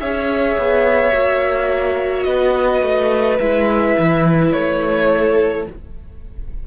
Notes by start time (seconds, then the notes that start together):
0.00 C#4 G#4 C#5 E5
0.58 B3
1.12 A#3 F#4
2.23 B3 B4 D#5
2.83 A3
3.39 G#3 E4 E5
3.99 E3
4.53 A3 C#5
5.10 A4